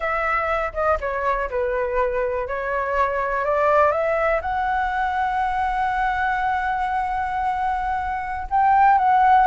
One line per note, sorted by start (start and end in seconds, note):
0.00 0.72 E5
0.73 0.97 D#5
1.00 1.49 C#5
1.50 2.47 B4
2.47 3.44 C#5
3.44 3.91 D5
3.91 4.40 E5
4.41 8.47 F#5
8.50 8.98 G5
8.98 9.47 F#5